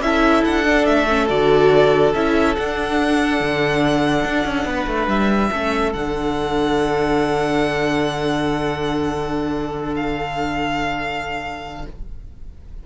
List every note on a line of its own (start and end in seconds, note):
0.00 0.42 C#4
0.00 0.65 E4
0.00 4.69 A4
0.00 0.44 E5
0.44 0.88 D4
0.44 0.85 F#5
0.65 1.08 D4
0.85 1.30 A3
0.85 1.28 E5
1.08 1.28 C#4
1.28 2.14 D3
1.28 2.12 F#4
1.28 2.13 D5
2.14 2.56 C#4
2.14 2.57 E4
2.14 2.56 E5
2.56 5.52 D4
2.56 3.40 D4
2.56 5.09 F#5
3.40 4.25 D3
4.25 4.45 D4
4.45 4.65 C#4
4.65 4.86 B3
4.65 5.49 B4
4.87 5.08 A3
5.08 5.50 G3
5.08 5.93 E5
5.49 5.94 A3
5.49 5.94 C#4
5.49 11.83 A4
5.93 11.86 D3
5.93 11.85 D4
5.93 9.95 F#5
9.96 11.86 F5